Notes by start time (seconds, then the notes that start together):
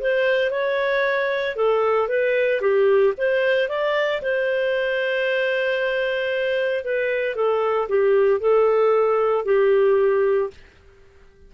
0.00 C5
0.50 C#5
1.56 A4
2.08 B4
2.61 G4
3.17 C5
3.69 D5
4.22 C5
6.84 B4
7.35 A4
7.89 G4
8.40 A4
9.45 G4